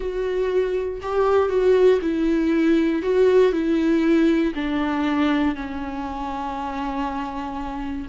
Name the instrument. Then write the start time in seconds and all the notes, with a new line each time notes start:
viola
0.00 F#4
1.02 G4
1.49 F#4
2.01 E4
3.02 F#4
3.52 E4
4.54 D4
5.55 C#4